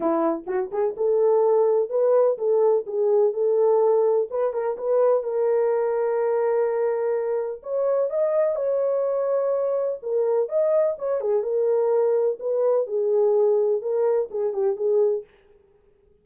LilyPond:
\new Staff \with { instrumentName = "horn" } { \time 4/4 \tempo 4 = 126 e'4 fis'8 gis'8 a'2 | b'4 a'4 gis'4 a'4~ | a'4 b'8 ais'8 b'4 ais'4~ | ais'1 |
cis''4 dis''4 cis''2~ | cis''4 ais'4 dis''4 cis''8 gis'8 | ais'2 b'4 gis'4~ | gis'4 ais'4 gis'8 g'8 gis'4 | }